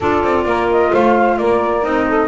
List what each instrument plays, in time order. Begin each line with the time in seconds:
0.00 double bass D4, clarinet F4, saxophone A4, flute D5
0.23 double bass C4
0.45 double bass A#3, saxophone A#4
0.71 flute D#5
0.91 double bass A3, saxophone C5, flute F5
1.37 double bass A#3, saxophone A#4, flute D5
1.83 double bass C4, clarinet D#4, flute D#5
2.07 saxophone A4